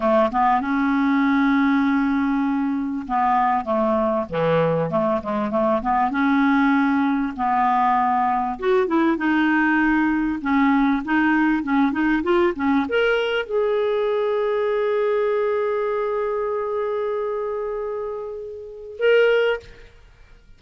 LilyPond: \new Staff \with { instrumentName = "clarinet" } { \time 4/4 \tempo 4 = 98 a8 b8 cis'2.~ | cis'4 b4 a4 e4 | a8 gis8 a8 b8 cis'2 | b2 fis'8 e'8 dis'4~ |
dis'4 cis'4 dis'4 cis'8 dis'8 | f'8 cis'8 ais'4 gis'2~ | gis'1~ | gis'2. ais'4 | }